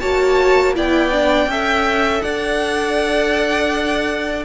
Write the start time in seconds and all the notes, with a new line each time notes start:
0.00 A#3 F#4 C#5 A5
0.75 B3 E4 D5 G5
1.12 D4
1.47 C#4 A4 E5
2.21 D4 D5 F#5